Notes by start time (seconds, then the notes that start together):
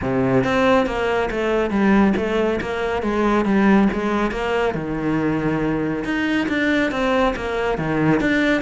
0.01 C3
0.44 C4
0.86 A#3
1.30 A3
1.70 G3
2.16 A3
2.60 A#3
3.02 G#3
3.45 G3
3.93 G#3
4.31 A#3
4.74 D#3
6.04 D#4
6.48 D4
6.91 C4
7.36 A#3
7.78 D#3
8.20 D4